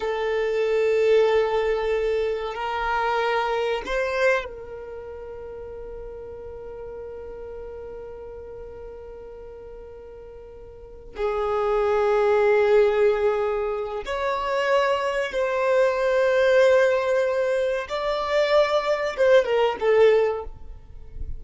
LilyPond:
\new Staff \with { instrumentName = "violin" } { \time 4/4 \tempo 4 = 94 a'1 | ais'2 c''4 ais'4~ | ais'1~ | ais'1~ |
ais'4. gis'2~ gis'8~ | gis'2 cis''2 | c''1 | d''2 c''8 ais'8 a'4 | }